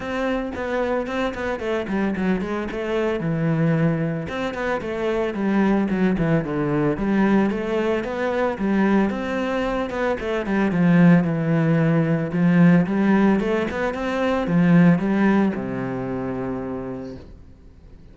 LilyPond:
\new Staff \with { instrumentName = "cello" } { \time 4/4 \tempo 4 = 112 c'4 b4 c'8 b8 a8 g8 | fis8 gis8 a4 e2 | c'8 b8 a4 g4 fis8 e8 | d4 g4 a4 b4 |
g4 c'4. b8 a8 g8 | f4 e2 f4 | g4 a8 b8 c'4 f4 | g4 c2. | }